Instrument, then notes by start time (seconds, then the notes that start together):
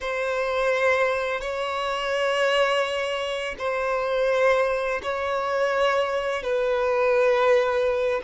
violin
0.00 C5
1.40 C#5
3.58 C5
5.02 C#5
6.43 B4